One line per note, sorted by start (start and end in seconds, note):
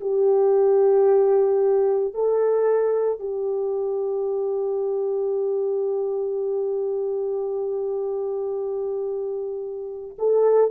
0.00 2.14 G4
2.14 3.19 A4
3.19 10.16 G4
10.18 10.71 A4